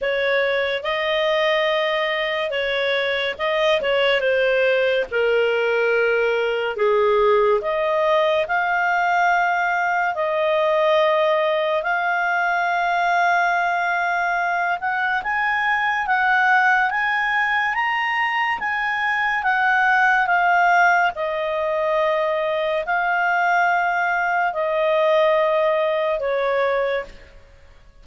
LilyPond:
\new Staff \with { instrumentName = "clarinet" } { \time 4/4 \tempo 4 = 71 cis''4 dis''2 cis''4 | dis''8 cis''8 c''4 ais'2 | gis'4 dis''4 f''2 | dis''2 f''2~ |
f''4. fis''8 gis''4 fis''4 | gis''4 ais''4 gis''4 fis''4 | f''4 dis''2 f''4~ | f''4 dis''2 cis''4 | }